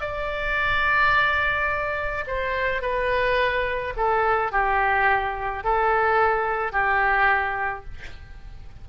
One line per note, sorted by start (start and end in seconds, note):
0.00 2.24 D5
2.27 2.81 C5
2.81 3.94 B4
3.96 4.51 A4
4.51 5.63 G4
5.63 6.72 A4
6.72 7.84 G4